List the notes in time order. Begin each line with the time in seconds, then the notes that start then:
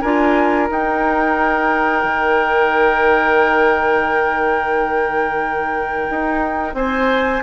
0.00 D4 F4 A#4 G#5
0.68 D#4 G5
2.03 D#3
6.09 D#4
6.73 C4 C5 G#5